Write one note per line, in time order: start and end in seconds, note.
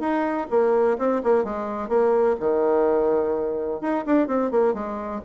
0.00 0.47 D#4
0.50 0.98 A#3
0.98 1.22 C4
1.23 1.45 A#3
1.45 1.89 G#3
1.89 2.36 A#3
2.40 3.81 D#3
3.81 4.05 D#4
4.06 4.27 D4
4.27 4.51 C4
4.51 4.74 A#3
4.74 5.21 G#3